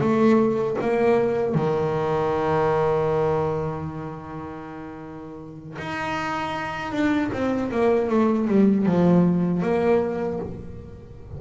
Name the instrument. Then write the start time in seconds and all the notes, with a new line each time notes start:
double bass
0.00 A3
0.80 A#3
1.54 D#3
5.78 D#4
6.92 D4
7.32 C4
7.71 A#3
8.09 A3
8.47 G3
8.86 F3
9.62 A#3